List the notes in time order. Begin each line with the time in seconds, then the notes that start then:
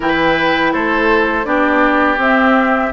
0.00 E3 E4 B4 G5
0.73 A3 A4 C5
1.44 B3 D4 G4 D5
2.17 C4 E5